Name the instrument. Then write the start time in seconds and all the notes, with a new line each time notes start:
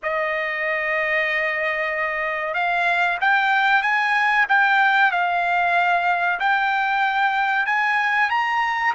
trumpet
0.02 D#5
2.54 F5
3.21 G5
3.82 G#5
4.48 G5
5.11 F5
6.39 G5
7.66 G#5
8.30 A#5